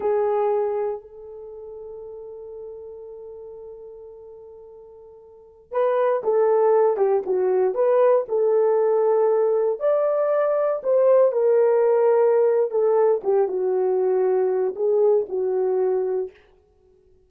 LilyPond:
\new Staff \with { instrumentName = "horn" } { \time 4/4 \tempo 4 = 118 gis'2 a'2~ | a'1~ | a'2.~ a'16 b'8.~ | b'16 a'4. g'8 fis'4 b'8.~ |
b'16 a'2. d''8.~ | d''4~ d''16 c''4 ais'4.~ ais'16~ | ais'4 a'4 g'8 fis'4.~ | fis'4 gis'4 fis'2 | }